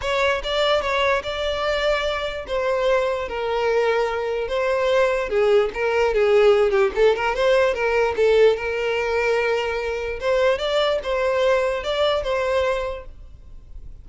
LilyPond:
\new Staff \with { instrumentName = "violin" } { \time 4/4 \tempo 4 = 147 cis''4 d''4 cis''4 d''4~ | d''2 c''2 | ais'2. c''4~ | c''4 gis'4 ais'4 gis'4~ |
gis'8 g'8 a'8 ais'8 c''4 ais'4 | a'4 ais'2.~ | ais'4 c''4 d''4 c''4~ | c''4 d''4 c''2 | }